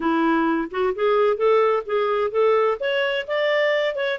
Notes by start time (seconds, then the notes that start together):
0.00 E4
0.71 F#4
0.95 G#4
1.36 A4
1.86 G#4
2.30 A4
2.79 C#5
3.27 D5
3.95 C#5